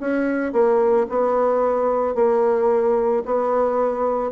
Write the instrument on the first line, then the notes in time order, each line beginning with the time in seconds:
bassoon
0.00 C#4
0.52 A#3
1.09 B3
2.15 A#3
3.25 B3